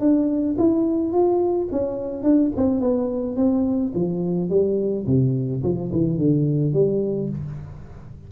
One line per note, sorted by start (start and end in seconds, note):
0.00 0.56 D4
0.58 1.13 E4
1.13 1.69 F4
1.72 2.24 C#4
2.24 2.52 D4
2.56 2.80 C4
2.80 3.36 B3
3.37 3.93 C4
3.95 4.50 F3
4.50 5.06 G3
5.07 5.63 C3
5.63 5.91 F3
5.92 6.18 E3
6.18 6.73 D3
6.73 7.30 G3